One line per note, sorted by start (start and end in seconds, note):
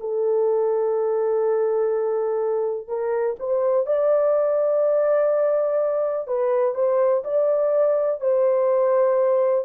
0.00 2.87 A4
2.87 3.36 A#4
3.39 3.86 C5
3.86 6.27 D5
6.27 6.74 B4
6.74 7.23 C5
7.24 8.20 D5
8.20 9.65 C5